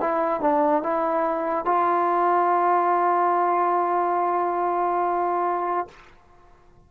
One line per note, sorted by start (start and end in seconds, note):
0.00 0.41 E4
0.41 0.83 D4
0.83 1.65 E4
1.65 5.87 F4